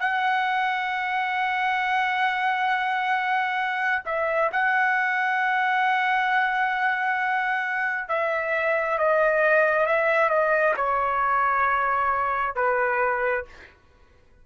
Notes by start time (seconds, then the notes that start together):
0.00 F#5
4.05 E5
4.53 F#5
8.09 E5
8.98 D#5
9.87 E5
10.29 D#5
10.77 C#5
12.56 B4